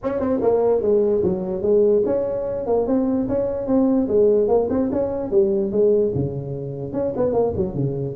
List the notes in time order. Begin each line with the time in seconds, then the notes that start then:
0.03 C#4
0.19 C4
0.41 A#3
0.81 G#3
1.23 F#3
1.61 G#3
2.05 C#4
2.66 A#3
2.86 C4
3.28 C#4
3.66 C4
4.08 G#3
4.47 A#3
4.69 C4
4.92 C#4
5.31 G3
5.71 G#3
6.14 C#3
6.92 C#4
7.16 B3
7.32 A#3
7.56 F#3
7.74 C#3